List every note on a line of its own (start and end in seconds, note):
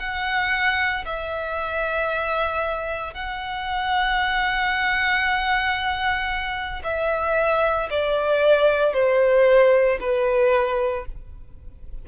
0.00 1.05 F#5
1.06 3.14 E5
3.14 6.83 F#5
6.84 7.89 E5
7.90 8.94 D5
8.94 9.99 C5
10.00 11.06 B4